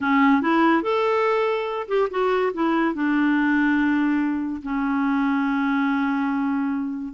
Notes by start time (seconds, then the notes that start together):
0.01 C#4
0.41 E4
0.82 A4
1.87 G4
2.10 F#4
2.53 E4
2.94 D4
4.62 C#4